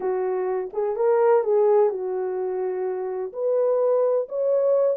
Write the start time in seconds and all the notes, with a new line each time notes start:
0.00 F#4
0.73 G#4
0.95 A#4
1.43 G#4
1.89 F#4
3.32 B4
4.28 C#5